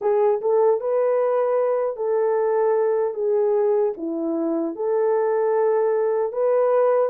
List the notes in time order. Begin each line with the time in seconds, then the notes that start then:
0.01 G#4
0.41 A4
0.80 B4
1.96 A4
3.14 G#4
3.97 E4
4.75 A4
6.32 B4